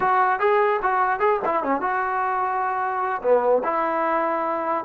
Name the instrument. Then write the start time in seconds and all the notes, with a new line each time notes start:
trombone
0.00 F#4
0.39 G#4
0.82 F#4
1.19 G#4
1.45 E4
1.63 C#4
1.80 F#4
3.22 B3
3.64 E4